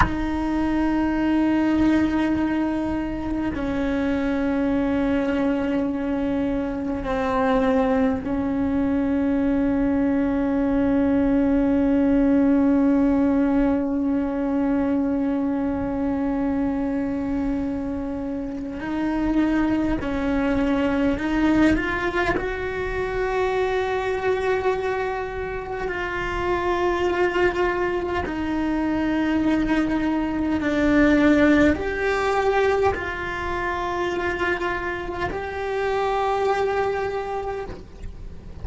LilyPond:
\new Staff \with { instrumentName = "cello" } { \time 4/4 \tempo 4 = 51 dis'2. cis'4~ | cis'2 c'4 cis'4~ | cis'1~ | cis'1 |
dis'4 cis'4 dis'8 f'8 fis'4~ | fis'2 f'2 | dis'2 d'4 g'4 | f'2 g'2 | }